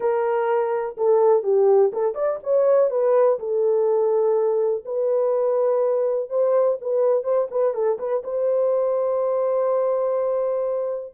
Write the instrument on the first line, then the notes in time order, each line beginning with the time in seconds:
horn
0.00 A#4
0.97 A4
1.43 G4
1.92 A4
2.14 D5
2.43 C#5
2.90 B4
3.39 A4
4.85 B4
6.29 C5
6.81 B4
7.23 C5
7.50 B4
7.74 A4
7.98 B4
8.23 C5